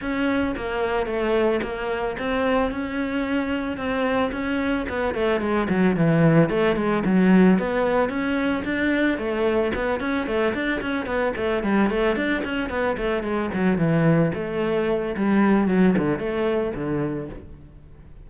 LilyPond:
\new Staff \with { instrumentName = "cello" } { \time 4/4 \tempo 4 = 111 cis'4 ais4 a4 ais4 | c'4 cis'2 c'4 | cis'4 b8 a8 gis8 fis8 e4 | a8 gis8 fis4 b4 cis'4 |
d'4 a4 b8 cis'8 a8 d'8 | cis'8 b8 a8 g8 a8 d'8 cis'8 b8 | a8 gis8 fis8 e4 a4. | g4 fis8 d8 a4 d4 | }